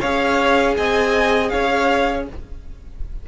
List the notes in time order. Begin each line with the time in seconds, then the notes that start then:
0.00 C#4 G#4 C#5 F5
0.77 C4 D#5 G#5
1.50 C#4 C#5 F5